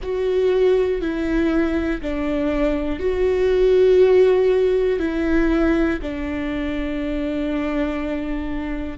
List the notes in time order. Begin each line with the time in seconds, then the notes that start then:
0.02 F#4
1.00 E4
2.01 D4
3.00 F#4
4.99 E4
6.02 D4